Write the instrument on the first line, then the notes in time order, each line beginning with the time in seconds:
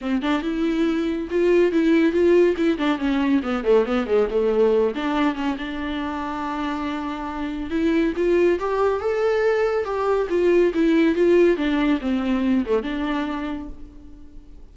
viola
0.01 C4
0.22 D4
0.42 E4
1.30 F4
1.71 E4
2.12 F4
2.57 E4
2.78 D4
2.98 C#4
3.42 B3
3.64 A3
3.85 B3
4.06 G#3
4.30 A3
4.94 D4
5.35 C#4
5.58 D4
7.70 E4
8.16 F4
8.59 G4
9.00 A4
9.84 G4
10.29 F4
10.74 E4
11.15 F4
11.56 D4
12.00 C4
12.65 A3
12.83 D4